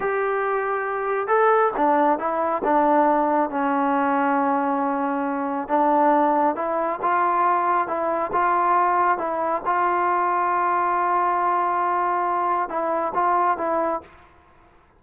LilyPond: \new Staff \with { instrumentName = "trombone" } { \time 4/4 \tempo 4 = 137 g'2. a'4 | d'4 e'4 d'2 | cis'1~ | cis'4 d'2 e'4 |
f'2 e'4 f'4~ | f'4 e'4 f'2~ | f'1~ | f'4 e'4 f'4 e'4 | }